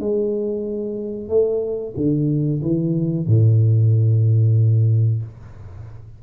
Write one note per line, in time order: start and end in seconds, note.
0.00 1.29 G#3
1.29 1.94 A3
1.97 2.62 D3
2.62 3.27 E3
3.27 5.23 A2